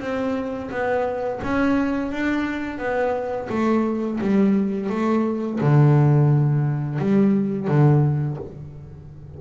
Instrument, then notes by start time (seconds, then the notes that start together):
double bass
0.00 C4
0.70 B3
1.43 C#4
2.12 D4
2.78 B3
3.49 A3
4.21 G3
4.89 A3
5.61 D3
6.99 G3
7.67 D3